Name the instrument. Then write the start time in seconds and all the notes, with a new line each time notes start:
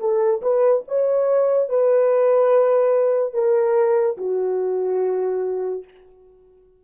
horn
0.00 A4
0.42 B4
0.88 C#5
1.70 B4
3.34 A#4
4.18 F#4